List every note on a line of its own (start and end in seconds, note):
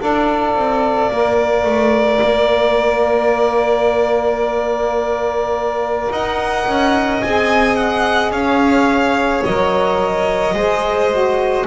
0.00 0.55 D4
0.00 1.11 A4
0.00 6.12 D5
0.00 6.11 F5
0.55 1.10 C4
1.11 1.65 A#3
1.11 7.23 A#4
1.65 2.20 A3
2.21 6.10 A#3
6.10 6.66 D#4
6.10 8.32 D#5
6.10 7.22 F#5
6.66 7.22 C#4
7.22 8.31 C4
7.22 9.46 G#4
7.22 7.76 G#5
7.76 8.31 F#5
8.31 9.43 C#4
8.31 10.54 C#5
8.31 9.43 F5
9.44 10.54 F#3
9.44 10.56 A#4
9.44 11.67 D#5
10.54 11.65 G#3
10.54 11.11 G#4
10.54 11.66 C5
11.11 11.67 F#4